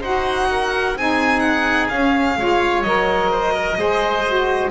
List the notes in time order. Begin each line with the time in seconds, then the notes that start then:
0.00 D#4 F#4 C5 F#5
0.51 A#4
0.95 C4 D#4 G#4 G#5
1.39 F#5
1.89 C#4 F5
2.37 G#3 F4 C#5
2.82 F#3 A#4 D#5
3.30 C5
3.53 A#4
3.76 G#3 G#4 C5
4.27 F#4